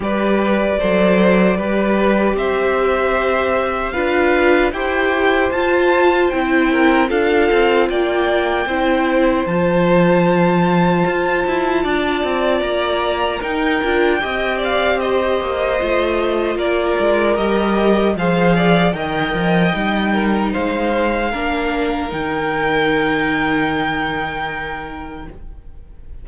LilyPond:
<<
  \new Staff \with { instrumentName = "violin" } { \time 4/4 \tempo 4 = 76 d''2. e''4~ | e''4 f''4 g''4 a''4 | g''4 f''4 g''2 | a''1 |
ais''4 g''4. f''8 dis''4~ | dis''4 d''4 dis''4 f''4 | g''2 f''2 | g''1 | }
  \new Staff \with { instrumentName = "violin" } { \time 4/4 b'4 c''4 b'4 c''4~ | c''4 b'4 c''2~ | c''8 ais'8 a'4 d''4 c''4~ | c''2. d''4~ |
d''4 ais'4 dis''8 d''8 c''4~ | c''4 ais'2 c''8 d''8 | dis''4. ais'8 c''4 ais'4~ | ais'1 | }
  \new Staff \with { instrumentName = "viola" } { \time 4/4 g'4 a'4 g'2~ | g'4 f'4 g'4 f'4 | e'4 f'2 e'4 | f'1~ |
f'4 dis'8 f'8 g'2 | f'2 g'4 gis'4 | ais'4 dis'2 d'4 | dis'1 | }
  \new Staff \with { instrumentName = "cello" } { \time 4/4 g4 fis4 g4 c'4~ | c'4 d'4 e'4 f'4 | c'4 d'8 c'8 ais4 c'4 | f2 f'8 e'8 d'8 c'8 |
ais4 dis'8 d'8 c'4. ais8 | a4 ais8 gis8 g4 f4 | dis8 f8 g4 gis4 ais4 | dis1 | }
>>